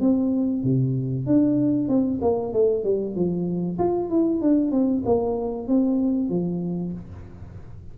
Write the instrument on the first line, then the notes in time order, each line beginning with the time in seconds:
tuba
0.00 C4
0.63 C3
1.26 D4
1.88 C4
2.21 A#3
2.53 A3
2.84 G3
3.15 F3
3.78 F4
4.09 E4
4.41 D4
4.71 C4
5.05 A#3
5.68 C4
6.29 F3